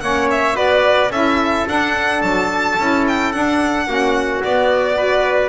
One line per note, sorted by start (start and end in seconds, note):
0.00 0.55 A#3
0.00 0.53 C#4
0.00 0.55 C#5
0.00 0.28 F#5
0.30 0.56 E5
0.53 1.09 B3
0.53 1.08 F#4
0.53 1.10 B4
0.53 1.11 D5
1.09 1.64 C#4
1.09 1.67 E4
1.09 3.86 A4
1.09 1.66 E5
1.67 2.77 D4
1.67 2.21 D4
1.67 2.22 F#5
2.21 2.76 F#3
2.21 3.04 A5
2.78 3.34 C#4
2.78 3.33 E4
3.08 3.32 G5
3.32 3.87 D4
3.32 4.42 F#5
3.87 4.42 A#3
3.87 4.42 C#4
3.87 4.96 F#4
4.42 5.48 B3
4.42 4.97 B3
4.42 5.48 D5
4.96 5.48 F#4
4.96 5.48 B4